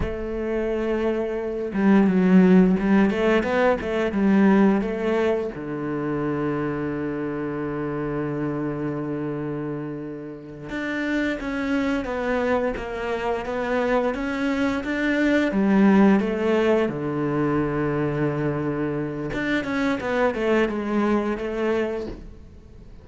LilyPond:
\new Staff \with { instrumentName = "cello" } { \time 4/4 \tempo 4 = 87 a2~ a8 g8 fis4 | g8 a8 b8 a8 g4 a4 | d1~ | d2.~ d8 d'8~ |
d'8 cis'4 b4 ais4 b8~ | b8 cis'4 d'4 g4 a8~ | a8 d2.~ d8 | d'8 cis'8 b8 a8 gis4 a4 | }